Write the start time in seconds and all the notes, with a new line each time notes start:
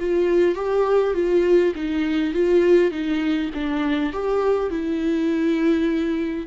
0.00 F4
0.56 G4
1.14 F4
1.76 D#4
2.34 F4
2.91 D#4
3.54 D4
4.13 G4
4.70 E4